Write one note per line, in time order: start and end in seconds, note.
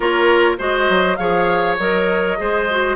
0.00 0.56 A#3
0.00 0.58 F4
0.00 0.56 A#4
0.00 0.56 C#5
0.58 0.89 G#3
0.58 1.17 F#4
0.58 1.17 C5
0.58 1.16 D#5
0.89 1.18 F#3
1.16 1.78 F3
1.16 1.77 G#4
1.16 2.38 C#5
1.16 1.75 F5
1.78 2.38 F#3
1.78 2.37 A#4
1.78 2.96 D#5
2.37 2.96 G#3
2.37 2.67 G#4
2.37 2.96 C5
2.70 2.96 F#4